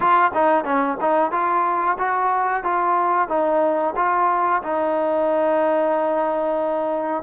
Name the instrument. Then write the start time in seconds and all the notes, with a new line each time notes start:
trombone
0.00 F4
0.34 D#4
0.64 C#4
1.00 D#4
1.31 F4
1.98 F#4
2.63 F4
3.28 D#4
3.96 F4
4.62 D#4